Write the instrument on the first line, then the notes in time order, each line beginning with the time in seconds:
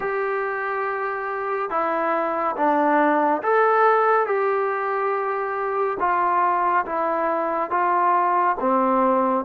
trombone
0.00 G4
1.69 E4
2.56 D4
3.42 A4
4.26 G4
5.99 F4
6.85 E4
7.70 F4
8.59 C4